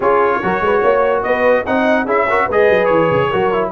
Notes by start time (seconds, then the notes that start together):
0.00 C#4 F4 G#4 C#5
0.42 F#3 F#4 A#4
0.60 G#3 B4
0.81 A#3 C#5
1.22 B3 B4 D#5
1.65 C4 D#4 D#5 F#5
2.05 C#4 E4 G#4 E5
2.28 F#4 A#4
2.45 G#3 B4
2.51 G#4 D#5
2.69 F#3
2.85 E3 C#5
3.10 C#3
3.30 F#3 F#4 A#4
3.52 E4